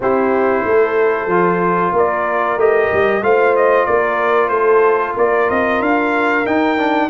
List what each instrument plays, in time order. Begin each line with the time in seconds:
0.00 tuba C4, trombone E4, horn G4, trumpet C5
0.64 tuba A3, horn A4
1.26 tuba F3, trombone F4
1.92 tuba A#3, horn A#4, trumpet D5
2.56 tuba A3, trombone G4, trumpet D#5
2.92 tuba G3
3.22 tuba A3, trombone F4, horn C5, trumpet F5
3.56 trumpet D#5
3.85 tuba A#3, horn A#4, trumpet D5
4.48 tuba A3, horn A4, trumpet C5
5.14 tuba A#3, horn A#4, trumpet D5
5.49 tuba C4, trumpet D#5
5.80 tuba D4, trumpet F5
6.45 trombone D#4, tuba D#4, trumpet G5
6.77 trombone D4